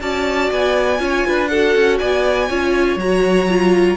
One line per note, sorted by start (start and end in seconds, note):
0.00 0.50 C#4
0.00 0.98 F#4
0.00 1.01 D5
0.00 0.51 A5
0.51 1.00 B3
0.51 1.48 G#5
0.98 1.24 C#4
0.98 1.48 F4
0.98 1.27 C#5
1.27 1.75 D4
1.27 1.50 B4
1.48 2.50 F#4
1.48 1.99 A4
1.48 1.97 F#5
1.75 2.00 C#4
1.99 2.49 B3
1.99 2.49 D5
1.99 2.98 G#5
2.49 2.96 C#4
2.49 2.99 F4
2.49 3.97 C#5
2.96 3.95 F#3
2.96 3.49 F#4
2.96 3.97 A#5
3.49 3.97 F4